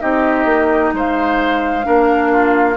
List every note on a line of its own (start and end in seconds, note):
0.00 0.45 C4
0.00 1.83 D#4
0.00 0.94 G4
0.00 0.93 D#5
0.45 0.92 A#3
0.93 1.86 G#3
0.93 1.86 C5
0.93 2.77 F5
1.83 2.77 A#3
1.83 2.75 D4
1.83 2.32 A#4
2.32 2.77 F4